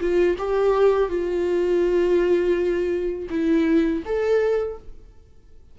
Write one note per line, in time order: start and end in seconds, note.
0.00 0.37 F4
0.38 1.09 G4
1.09 3.29 F4
3.30 4.03 E4
4.05 4.78 A4